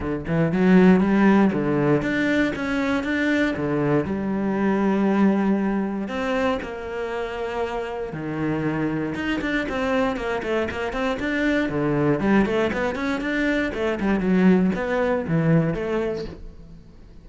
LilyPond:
\new Staff \with { instrumentName = "cello" } { \time 4/4 \tempo 4 = 118 d8 e8 fis4 g4 d4 | d'4 cis'4 d'4 d4 | g1 | c'4 ais2. |
dis2 dis'8 d'8 c'4 | ais8 a8 ais8 c'8 d'4 d4 | g8 a8 b8 cis'8 d'4 a8 g8 | fis4 b4 e4 a4 | }